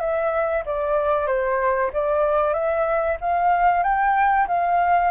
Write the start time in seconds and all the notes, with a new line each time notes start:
0.00 E5
0.66 D5
1.27 C5
1.93 D5
2.54 E5
3.21 F5
3.83 G5
4.47 F5